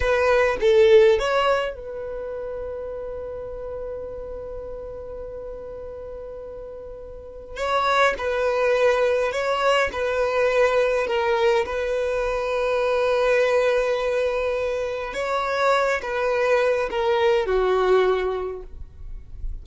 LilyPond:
\new Staff \with { instrumentName = "violin" } { \time 4/4 \tempo 4 = 103 b'4 a'4 cis''4 b'4~ | b'1~ | b'1~ | b'4 cis''4 b'2 |
cis''4 b'2 ais'4 | b'1~ | b'2 cis''4. b'8~ | b'4 ais'4 fis'2 | }